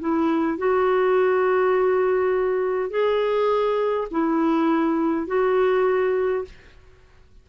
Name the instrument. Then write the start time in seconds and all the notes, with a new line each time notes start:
clarinet
0.00 E4
0.58 F#4
2.90 G#4
4.11 E4
5.27 F#4